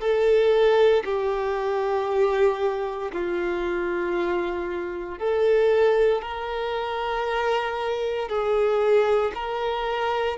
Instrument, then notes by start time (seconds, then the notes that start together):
violin
0.00 A4
1.05 G4
3.12 F4
5.19 A4
6.22 A#4
8.29 G#4
9.35 A#4